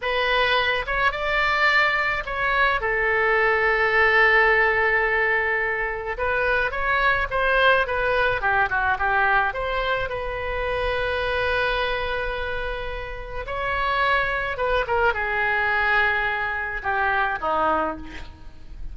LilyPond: \new Staff \with { instrumentName = "oboe" } { \time 4/4 \tempo 4 = 107 b'4. cis''8 d''2 | cis''4 a'2.~ | a'2. b'4 | cis''4 c''4 b'4 g'8 fis'8 |
g'4 c''4 b'2~ | b'1 | cis''2 b'8 ais'8 gis'4~ | gis'2 g'4 dis'4 | }